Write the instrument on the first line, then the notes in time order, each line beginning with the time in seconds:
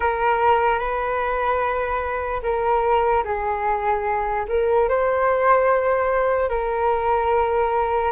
flute
0.00 A#4
0.79 B4
2.42 A#4
3.24 G#4
4.48 A#4
4.88 C5
6.49 A#4